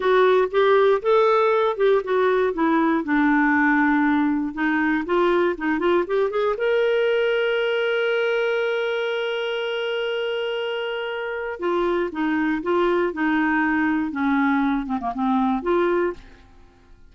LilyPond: \new Staff \with { instrumentName = "clarinet" } { \time 4/4 \tempo 4 = 119 fis'4 g'4 a'4. g'8 | fis'4 e'4 d'2~ | d'4 dis'4 f'4 dis'8 f'8 | g'8 gis'8 ais'2.~ |
ais'1~ | ais'2. f'4 | dis'4 f'4 dis'2 | cis'4. c'16 ais16 c'4 f'4 | }